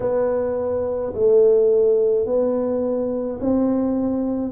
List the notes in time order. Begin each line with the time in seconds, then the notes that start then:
0.00 B3
1.14 A3
2.25 B3
3.40 C4